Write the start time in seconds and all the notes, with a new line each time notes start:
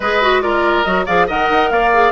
0.00 G#3 G#4 B4 D#5
0.22 F#4
0.41 F4 A#4 D5
0.83 F#3 F#4 D#5
1.05 F3 G#4 D5 F5
1.27 D#3 A#4 D#5 F#5
1.49 D#4
1.70 A#3 D5 F5
1.92 G#4